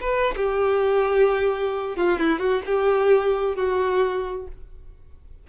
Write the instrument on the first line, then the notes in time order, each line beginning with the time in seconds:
violin
0.00 B4
0.36 G4
1.96 F4
2.18 E4
2.39 F#4
2.65 G4
3.55 F#4